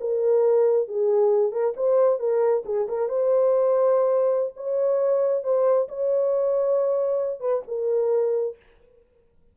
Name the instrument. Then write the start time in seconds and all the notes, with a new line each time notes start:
horn
0.00 A#4
0.88 G#4
1.52 A#4
1.76 C5
2.19 A#4
2.65 G#4
2.88 A#4
3.09 C5
4.56 C#5
5.43 C5
5.88 C#5
7.40 B4
7.67 A#4